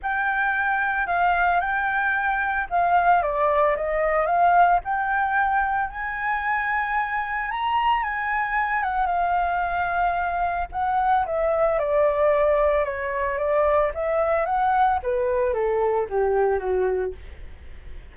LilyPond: \new Staff \with { instrumentName = "flute" } { \time 4/4 \tempo 4 = 112 g''2 f''4 g''4~ | g''4 f''4 d''4 dis''4 | f''4 g''2 gis''4~ | gis''2 ais''4 gis''4~ |
gis''8 fis''8 f''2. | fis''4 e''4 d''2 | cis''4 d''4 e''4 fis''4 | b'4 a'4 g'4 fis'4 | }